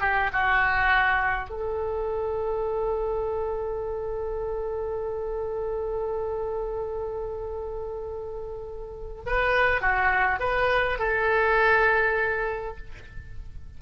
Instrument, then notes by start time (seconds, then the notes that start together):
oboe
0.00 G4
0.32 F#4
1.49 A4
9.26 B4
9.81 F#4
10.39 B4
10.98 A4